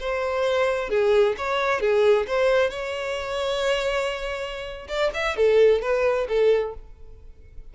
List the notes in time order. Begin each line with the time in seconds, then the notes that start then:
0.00 C5
0.90 G#4
1.38 C#5
1.80 G#4
2.27 C5
2.70 C#5
4.88 D5
5.14 E5
5.37 A4
5.82 B4
6.28 A4